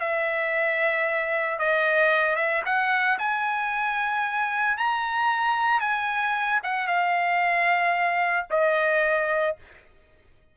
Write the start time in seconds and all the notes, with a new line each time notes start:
0.00 E5
1.59 D#5
2.36 E5
2.65 F#5
3.19 G#5
4.77 A#5
5.80 G#5
6.64 F#5
6.87 F5
8.50 D#5